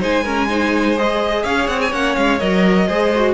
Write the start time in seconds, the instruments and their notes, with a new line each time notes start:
0.00 cello G#3, viola D#4, violin C5 G#5
0.24 viola C#4, violin A#4
0.49 viola D#4, violin C5
0.97 viola G#4, violin D#5
1.44 cello C#4, violin C#5 F5
1.67 cello C4, violin F#5
1.81 violin G#5
1.92 cello A#3, viola C#4, violin F#5
2.15 cello G#3, violin F5
2.39 cello F#3, viola A#4, violin D#5
2.87 cello G#3, viola G#4, violin C5
3.15 viola F#4